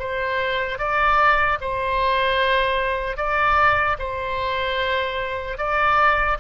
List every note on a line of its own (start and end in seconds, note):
0.00 0.79 C5
0.79 1.59 D5
1.61 3.17 C5
3.17 3.97 D5
3.99 5.58 C5
5.58 6.38 D5